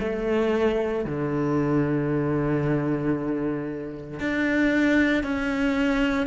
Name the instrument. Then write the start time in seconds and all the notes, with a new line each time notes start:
cello
0.00 A3
1.05 D3
4.20 D4
5.23 C#4